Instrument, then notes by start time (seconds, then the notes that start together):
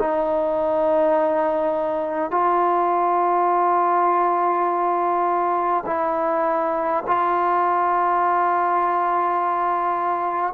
trombone
0.00 D#4
2.32 F4
5.87 E4
7.07 F4